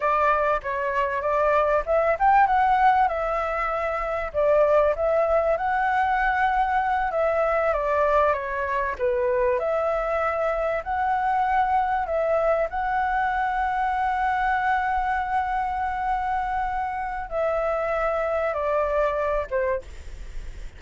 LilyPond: \new Staff \with { instrumentName = "flute" } { \time 4/4 \tempo 4 = 97 d''4 cis''4 d''4 e''8 g''8 | fis''4 e''2 d''4 | e''4 fis''2~ fis''8 e''8~ | e''8 d''4 cis''4 b'4 e''8~ |
e''4. fis''2 e''8~ | e''8 fis''2.~ fis''8~ | fis''1 | e''2 d''4. c''8 | }